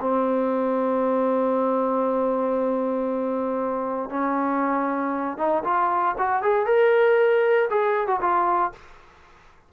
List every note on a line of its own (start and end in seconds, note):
0.00 4.10 C4
4.10 5.37 C#4
5.37 5.63 D#4
5.64 6.15 F4
6.17 6.42 F#4
6.42 6.66 G#4
6.66 7.68 A#4
7.70 8.07 G#4
8.07 8.20 F#4
8.20 8.72 F4